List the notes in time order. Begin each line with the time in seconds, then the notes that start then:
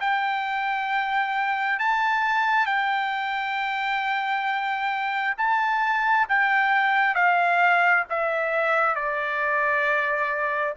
0.00 G5
1.79 A5
2.66 G5
5.37 A5
6.28 G5
7.14 F5
8.09 E5
8.95 D5